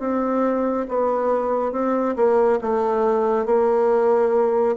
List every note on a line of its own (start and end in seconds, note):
0.00 0.87 C4
0.89 1.72 B3
1.72 2.15 C4
2.16 2.60 A#3
2.61 3.46 A3
3.46 4.76 A#3